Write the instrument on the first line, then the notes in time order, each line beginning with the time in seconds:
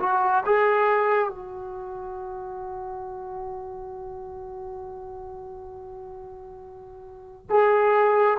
trombone
0.00 F#4
0.46 G#4
1.30 F#4
7.50 G#4